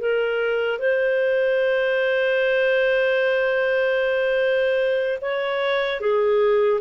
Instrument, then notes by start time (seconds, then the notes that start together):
clarinet
0.00 A#4
0.79 C5
5.22 C#5
6.01 G#4